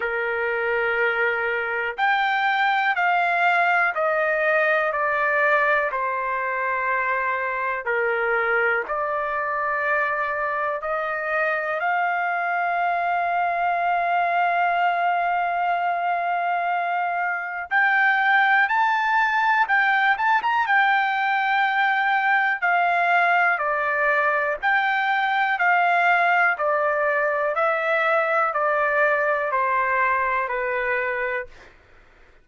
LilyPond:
\new Staff \with { instrumentName = "trumpet" } { \time 4/4 \tempo 4 = 61 ais'2 g''4 f''4 | dis''4 d''4 c''2 | ais'4 d''2 dis''4 | f''1~ |
f''2 g''4 a''4 | g''8 a''16 ais''16 g''2 f''4 | d''4 g''4 f''4 d''4 | e''4 d''4 c''4 b'4 | }